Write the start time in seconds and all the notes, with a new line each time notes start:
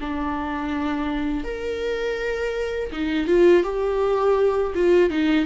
0.00 D4
1.44 A#4
2.92 D#4
3.27 F4
3.63 G4
4.74 F4
5.10 D#4